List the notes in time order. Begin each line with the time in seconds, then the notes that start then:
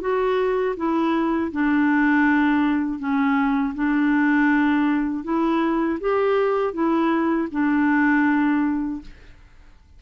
0.00 F#4
0.76 E4
1.51 D4
2.99 C#4
3.74 D4
5.24 E4
6.00 G4
6.73 E4
7.51 D4